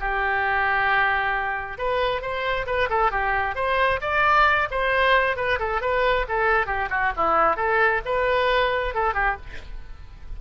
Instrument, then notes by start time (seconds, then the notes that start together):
oboe
0.00 G4
1.78 B4
2.21 C5
2.66 B4
2.90 A4
3.11 G4
3.55 C5
4.01 D5
4.71 C5
5.36 B4
5.59 A4
5.81 B4
6.28 A4
6.67 G4
6.90 F#4
7.17 E4
7.56 A4
8.05 B4
8.95 A4
9.14 G4